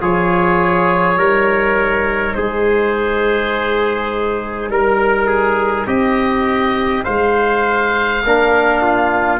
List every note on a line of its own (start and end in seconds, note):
0.00 1.16 F3
0.00 1.16 F4
0.00 1.18 G#4
0.00 2.34 C#5
1.16 2.34 G3
1.16 8.22 D#4
1.16 2.35 A#4
2.34 4.68 G#3
2.34 4.71 G#4
2.34 4.69 C5
4.68 5.86 G3
4.68 5.27 A#4
4.68 5.87 A#4
5.27 5.86 G#4
5.87 7.04 C4
5.87 7.04 G4
5.87 7.04 D#5
7.04 8.24 G#3
7.04 8.22 C5
7.04 9.39 F5
8.24 9.39 A#3
8.24 9.39 D4
8.24 8.82 A#4
8.82 9.39 F4